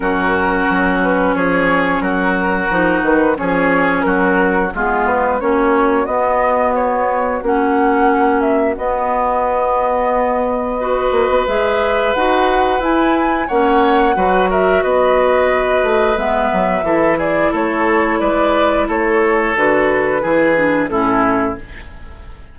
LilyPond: <<
  \new Staff \with { instrumentName = "flute" } { \time 4/4 \tempo 4 = 89 ais'4. b'8 cis''4 ais'4~ | ais'8 b'8 cis''4 ais'4 gis'8 b'8 | cis''4 dis''4 cis''4 fis''4~ | fis''8 e''8 dis''2.~ |
dis''4 e''4 fis''4 gis''4 | fis''4. e''8 dis''2 | e''4. d''8 cis''4 d''4 | cis''4 b'2 a'4 | }
  \new Staff \with { instrumentName = "oboe" } { \time 4/4 fis'2 gis'4 fis'4~ | fis'4 gis'4 fis'4 f'4 | fis'1~ | fis'1 |
b'1 | cis''4 b'8 ais'8 b'2~ | b'4 a'8 gis'8 a'4 b'4 | a'2 gis'4 e'4 | }
  \new Staff \with { instrumentName = "clarinet" } { \time 4/4 cis'1 | dis'4 cis'2 b4 | cis'4 b2 cis'4~ | cis'4 b2. |
fis'4 gis'4 fis'4 e'4 | cis'4 fis'2. | b4 e'2.~ | e'4 fis'4 e'8 d'8 cis'4 | }
  \new Staff \with { instrumentName = "bassoon" } { \time 4/4 fis,4 fis4 f4 fis4 | f8 dis8 f4 fis4 gis4 | ais4 b2 ais4~ | ais4 b2.~ |
b8 ais16 b16 gis4 dis'4 e'4 | ais4 fis4 b4. a8 | gis8 fis8 e4 a4 gis4 | a4 d4 e4 a,4 | }
>>